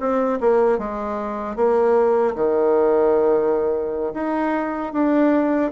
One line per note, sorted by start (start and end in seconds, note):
0.00 0.39 C4
0.41 0.79 A#3
0.79 1.56 G#3
1.56 2.35 A#3
2.35 4.13 D#3
4.14 4.93 D#4
4.93 5.72 D4